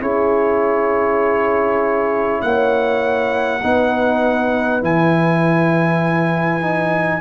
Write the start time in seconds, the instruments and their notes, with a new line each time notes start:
0.00 tuba C#4, trombone E4, horn G#4, trumpet C#5
2.41 tuba A#3, horn C#5, trumpet F#5
3.61 tuba B3, trombone D#4, horn B4
4.80 tuba E3, trombone E4, trumpet G#5
6.61 trombone D#4